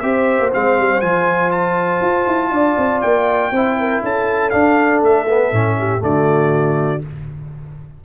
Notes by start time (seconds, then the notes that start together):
0.00 C4 G4 C5 E5
0.40 A#3
0.52 G#3 C4 F5
0.78 G3
1.01 F3 F4 G#5
1.51 A5
2.01 F4
2.27 E4
2.52 D4 D5
2.78 C4
3.01 A#3 G5
3.52 C4 E4 C5
3.79 A#4
4.03 C#4 A4 A5
4.50 D4 F5
5.02 A3 E5
5.28 B3
5.52 A2 C#4
5.79 G4
6.00 D3 A3 F#4 D5